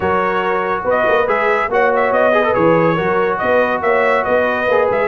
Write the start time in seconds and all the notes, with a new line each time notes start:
0.00 F#3 F#4 A#4 C#5
0.83 B3 B4
0.89 D#5
1.08 A#3
1.27 G#3 G#4 E5
1.69 A#3 F#4 C#5 F#5
1.95 E5
2.11 B3 D#5
2.32 G#4 B4
2.43 A4
2.53 E3 G#4 C#5
2.94 F#3 F#4 A#4
3.38 B3 B4 D#5
3.81 A#3 C#5 E5
4.24 B3 B4 D#5
4.67 A#3 G#4
4.90 G#3 E5